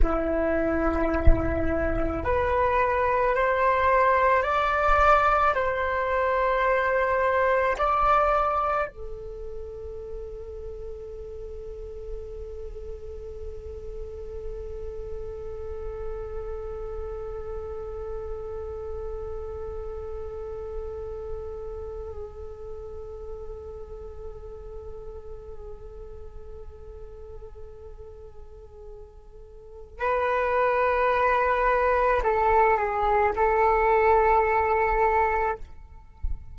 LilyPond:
\new Staff \with { instrumentName = "flute" } { \time 4/4 \tempo 4 = 54 e'2 b'4 c''4 | d''4 c''2 d''4 | a'1~ | a'1~ |
a'1~ | a'1~ | a'2. b'4~ | b'4 a'8 gis'8 a'2 | }